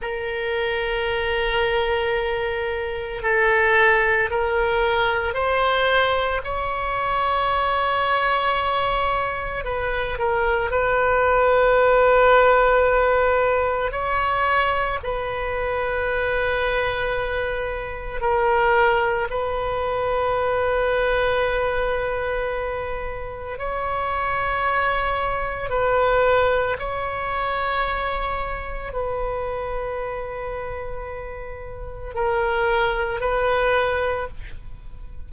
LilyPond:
\new Staff \with { instrumentName = "oboe" } { \time 4/4 \tempo 4 = 56 ais'2. a'4 | ais'4 c''4 cis''2~ | cis''4 b'8 ais'8 b'2~ | b'4 cis''4 b'2~ |
b'4 ais'4 b'2~ | b'2 cis''2 | b'4 cis''2 b'4~ | b'2 ais'4 b'4 | }